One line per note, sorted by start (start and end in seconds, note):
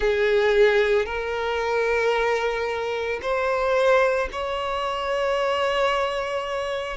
0.00 1.05 G#4
1.05 3.19 A#4
3.21 4.29 C5
4.31 6.97 C#5